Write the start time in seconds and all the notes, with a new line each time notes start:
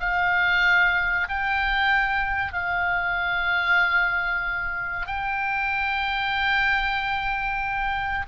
0.00 F5
1.28 G5
2.52 F5
5.07 G5